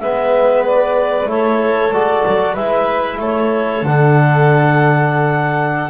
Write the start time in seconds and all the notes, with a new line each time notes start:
0.00 G#3 B3 B4 E5
0.67 D5
1.26 A3 E4 A4 C#5
1.91 G#3 F#4 D5
2.27 F#3
2.54 G#3 E4 B4 E5
3.19 A3 A4 C#5
3.83 D3 D4 F#5